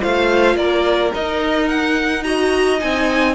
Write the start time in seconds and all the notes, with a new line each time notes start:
0.00 A3 F4 C5 F5
0.55 A#3 A#4 D5
1.12 D#4 D#5
1.68 F#5
2.23 F#4 D#5 A#5
2.78 C4 D#4 G#5